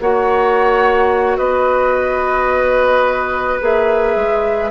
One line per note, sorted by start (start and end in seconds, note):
0.00 1.38 A#3
0.00 3.61 F#4
0.00 1.38 C#5
0.00 1.37 F#5
1.37 3.61 B3
1.37 4.71 B4
1.37 3.59 D#5
3.61 4.16 A#3
3.61 4.71 G#4
3.61 4.71 E5
4.16 4.71 G#3